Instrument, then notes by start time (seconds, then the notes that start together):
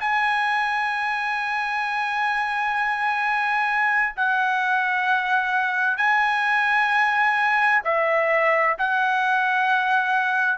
trumpet
0.00 G#5
4.16 F#5
5.97 G#5
7.84 E5
8.78 F#5